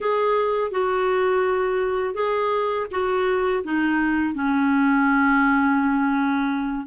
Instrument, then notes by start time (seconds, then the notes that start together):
clarinet
0.00 G#4
0.71 F#4
2.14 G#4
2.91 F#4
3.64 D#4
4.34 C#4